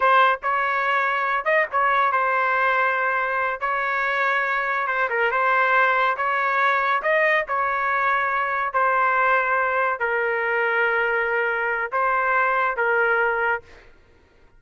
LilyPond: \new Staff \with { instrumentName = "trumpet" } { \time 4/4 \tempo 4 = 141 c''4 cis''2~ cis''8 dis''8 | cis''4 c''2.~ | c''8 cis''2. c''8 | ais'8 c''2 cis''4.~ |
cis''8 dis''4 cis''2~ cis''8~ | cis''8 c''2. ais'8~ | ais'1 | c''2 ais'2 | }